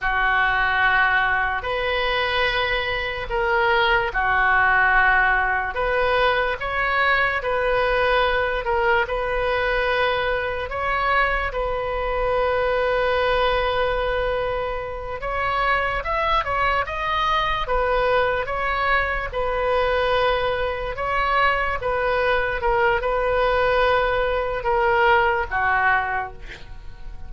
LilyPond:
\new Staff \with { instrumentName = "oboe" } { \time 4/4 \tempo 4 = 73 fis'2 b'2 | ais'4 fis'2 b'4 | cis''4 b'4. ais'8 b'4~ | b'4 cis''4 b'2~ |
b'2~ b'8 cis''4 e''8 | cis''8 dis''4 b'4 cis''4 b'8~ | b'4. cis''4 b'4 ais'8 | b'2 ais'4 fis'4 | }